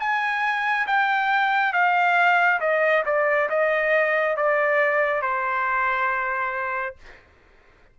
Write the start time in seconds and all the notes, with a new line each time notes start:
0.00 G#5
0.88 G5
1.73 F5
2.60 D#5
3.06 D5
3.50 D#5
4.37 D5
5.22 C5